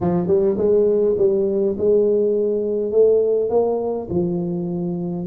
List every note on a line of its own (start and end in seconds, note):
0.00 0.27 F3
0.27 0.56 G3
0.57 1.15 G#3
1.18 1.76 G3
1.78 2.91 G#3
2.91 3.49 A3
3.49 4.08 A#3
4.10 5.26 F3